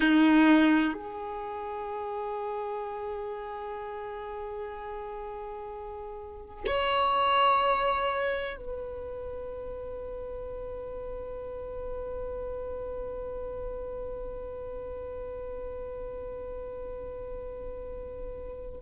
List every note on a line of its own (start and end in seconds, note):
0.00 0.93 D#4
0.93 6.65 G#4
6.66 8.56 C#5
8.56 18.80 B4